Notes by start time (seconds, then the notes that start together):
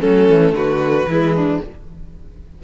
0.00 F#3 A3 C#4 A4
0.29 E3
0.52 D3 F#4 B4
1.06 E3 G#3 E4
1.35 D4